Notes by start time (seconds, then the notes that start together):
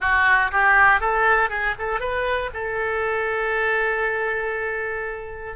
0.00 F#4
0.51 G4
1.00 A4
1.49 G#4
1.78 A4
2.00 B4
2.53 A4